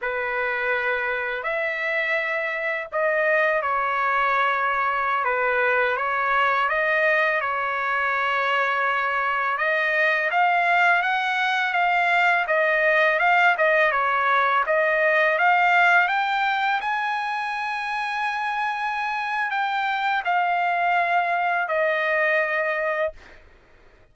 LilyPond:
\new Staff \with { instrumentName = "trumpet" } { \time 4/4 \tempo 4 = 83 b'2 e''2 | dis''4 cis''2~ cis''16 b'8.~ | b'16 cis''4 dis''4 cis''4.~ cis''16~ | cis''4~ cis''16 dis''4 f''4 fis''8.~ |
fis''16 f''4 dis''4 f''8 dis''8 cis''8.~ | cis''16 dis''4 f''4 g''4 gis''8.~ | gis''2. g''4 | f''2 dis''2 | }